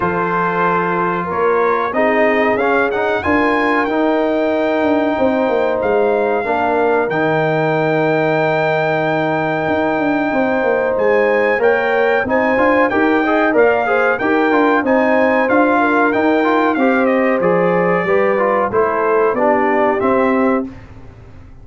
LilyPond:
<<
  \new Staff \with { instrumentName = "trumpet" } { \time 4/4 \tempo 4 = 93 c''2 cis''4 dis''4 | f''8 fis''8 gis''4 g''2~ | g''4 f''2 g''4~ | g''1~ |
g''4 gis''4 g''4 gis''4 | g''4 f''4 g''4 gis''4 | f''4 g''4 f''8 dis''8 d''4~ | d''4 c''4 d''4 e''4 | }
  \new Staff \with { instrumentName = "horn" } { \time 4/4 a'2 ais'4 gis'4~ | gis'4 ais'2. | c''2 ais'2~ | ais'1 |
c''2 cis''4 c''4 | ais'8 dis''8 d''8 c''8 ais'4 c''4~ | c''8 ais'4. c''2 | b'4 a'4 g'2 | }
  \new Staff \with { instrumentName = "trombone" } { \time 4/4 f'2. dis'4 | cis'8 dis'8 f'4 dis'2~ | dis'2 d'4 dis'4~ | dis'1~ |
dis'2 ais'4 dis'8 f'8 | g'8 gis'8 ais'8 gis'8 g'8 f'8 dis'4 | f'4 dis'8 f'8 g'4 gis'4 | g'8 f'8 e'4 d'4 c'4 | }
  \new Staff \with { instrumentName = "tuba" } { \time 4/4 f2 ais4 c'4 | cis'4 d'4 dis'4. d'8 | c'8 ais8 gis4 ais4 dis4~ | dis2. dis'8 d'8 |
c'8 ais8 gis4 ais4 c'8 d'8 | dis'4 ais4 dis'8 d'8 c'4 | d'4 dis'4 c'4 f4 | g4 a4 b4 c'4 | }
>>